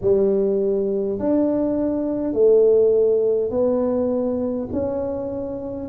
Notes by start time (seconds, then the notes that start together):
0.01 G3
1.19 D4
2.33 A3
3.50 B3
4.72 C#4